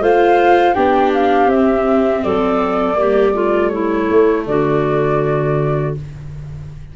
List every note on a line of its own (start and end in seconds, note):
0.00 0.74 A3
0.00 0.74 F4
0.00 0.74 C5
0.00 0.74 F5
0.74 1.46 B3
0.74 1.48 D4
0.74 2.23 G4
0.74 1.11 G5
1.14 1.50 F5
1.46 2.20 C4
1.46 2.23 E5
1.53 2.94 C4
2.23 2.96 F#3
2.23 2.97 A4
2.23 3.69 D5
2.94 4.07 G3
2.94 3.31 A#3
2.94 3.34 G4
3.34 5.93 A3
3.34 3.71 F4
3.69 4.46 E4
3.69 4.43 C#5
4.10 4.47 A3
4.46 5.95 D3
4.46 5.96 F#4
4.46 5.95 D5